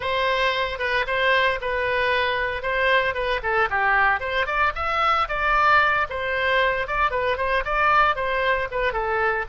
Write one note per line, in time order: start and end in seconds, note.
0.00 0.78 C5
0.78 1.05 B4
1.06 1.59 C5
1.61 2.62 B4
2.62 3.14 C5
3.14 3.40 B4
3.42 3.68 A4
3.70 4.20 G4
4.20 4.46 C5
4.46 4.72 D5
4.75 5.28 E5
5.28 6.07 D5
6.09 6.87 C5
6.87 7.11 D5
7.11 7.37 B4
7.37 7.63 C5
7.64 8.15 D5
8.15 8.68 C5
8.71 8.92 B4
8.92 9.45 A4